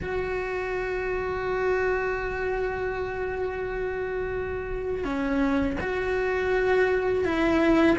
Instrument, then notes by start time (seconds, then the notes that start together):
cello
0.02 F#4
5.04 C#4
5.80 F#4
7.24 E4